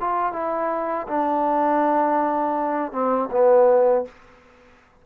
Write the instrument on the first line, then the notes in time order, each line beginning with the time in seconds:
trombone
0.00 F4
0.32 E4
1.07 D4
2.92 C4
3.31 B3